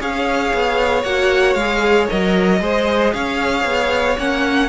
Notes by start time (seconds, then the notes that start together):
0.00 C#4 G#4 C#5 F5
0.54 B3
1.04 A#3 F#4 F#5
1.54 G#3 G#4 F5
2.09 F#3 A#4 D#5
2.60 G#3 G#4 C5
3.14 C#4 C#5 F5
3.65 B3
4.18 A#3 C#4 F#5